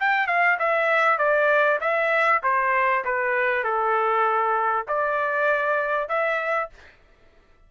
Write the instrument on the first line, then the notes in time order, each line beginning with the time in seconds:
trumpet
0.00 G5
0.27 F5
0.59 E5
1.18 D5
1.81 E5
2.43 C5
3.05 B4
3.64 A4
4.88 D5
6.09 E5